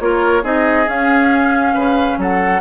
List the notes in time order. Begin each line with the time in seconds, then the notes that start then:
0.00 A#3 F4 A#4 C#5
0.42 C4 D#4 G#4 D#5
0.87 C#4 F5
1.74 C#3 B4
2.17 F#3 A4 F#5